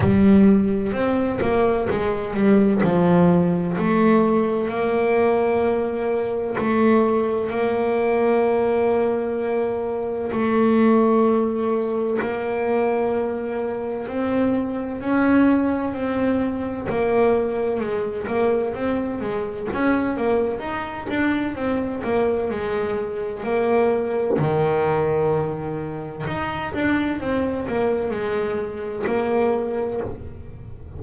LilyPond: \new Staff \with { instrumentName = "double bass" } { \time 4/4 \tempo 4 = 64 g4 c'8 ais8 gis8 g8 f4 | a4 ais2 a4 | ais2. a4~ | a4 ais2 c'4 |
cis'4 c'4 ais4 gis8 ais8 | c'8 gis8 cis'8 ais8 dis'8 d'8 c'8 ais8 | gis4 ais4 dis2 | dis'8 d'8 c'8 ais8 gis4 ais4 | }